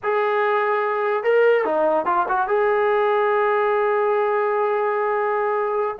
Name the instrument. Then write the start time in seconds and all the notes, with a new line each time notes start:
trombone
0.03 G#4
1.23 A#4
1.64 D#4
2.05 F4
2.28 F#4
2.47 G#4